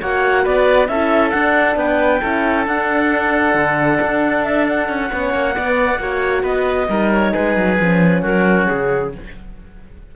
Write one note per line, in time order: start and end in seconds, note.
0.00 0.46 A#3
0.00 0.89 F#4
0.00 0.43 C#5
0.00 0.46 F#5
0.43 0.88 B3
0.43 0.87 B4
0.43 0.87 D5
0.87 1.32 C#4
0.87 1.33 E4
0.87 1.78 A4
0.87 1.30 E5
1.30 2.22 D4
1.30 1.76 D4
1.30 1.75 F#5
1.76 2.20 B3
1.76 2.21 B4
1.76 2.66 G5
2.21 2.67 C#4
2.21 2.66 E4
2.21 5.10 A4
2.66 5.10 D4
2.66 3.54 D4
2.66 4.43 F#5
3.54 3.99 D3
4.01 4.89 D4
4.43 4.65 E5
4.69 6.45 F#5
4.89 5.11 C#4
5.10 5.34 B3
5.10 5.54 C#4
5.10 5.55 C#5
5.34 5.56 A#3
5.54 5.98 B3
5.54 5.99 D5
5.98 6.43 A#3
5.98 6.89 F#4
5.98 6.43 C#5
6.43 6.87 B3
6.43 6.87 B4
6.43 7.12 D#5
6.88 7.33 G3
6.88 7.77 D#4
6.88 7.32 A#4
7.12 7.34 C#5
7.32 7.57 G#3
7.32 8.21 G#4
7.32 8.22 B4
7.57 7.79 F#3
7.80 8.23 F3
7.80 9.13 C#4
8.21 8.67 F#3
8.21 9.10 F#4
8.21 8.66 A#4
8.66 9.15 C#3
8.66 9.11 G#4